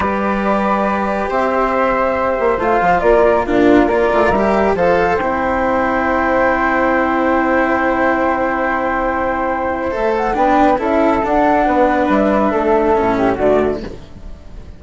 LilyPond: <<
  \new Staff \with { instrumentName = "flute" } { \time 4/4 \tempo 4 = 139 d''2. e''4~ | e''2 f''4 d''4 | ais'4 d''4 e''4 f''4 | g''1~ |
g''1~ | g''2. e''8 fis''8 | g''4 e''4 fis''2 | e''2. d''4 | }
  \new Staff \with { instrumentName = "flute" } { \time 4/4 b'2. c''4~ | c''2. ais'4 | f'4 ais'2 c''4~ | c''1~ |
c''1~ | c''1 | b'4 a'2 b'4~ | b'4 a'4. g'8 fis'4 | }
  \new Staff \with { instrumentName = "cello" } { \time 4/4 g'1~ | g'2 f'2 | d'4 f'4 g'4 a'4 | e'1~ |
e'1~ | e'2. a'4 | d'4 e'4 d'2~ | d'2 cis'4 a4 | }
  \new Staff \with { instrumentName = "bassoon" } { \time 4/4 g2. c'4~ | c'4. ais8 a8 f8 ais4 | ais,4 ais8 a8 g4 f4 | c'1~ |
c'1~ | c'2. a4 | b4 cis'4 d'4 b4 | g4 a4 a,4 d4 | }
>>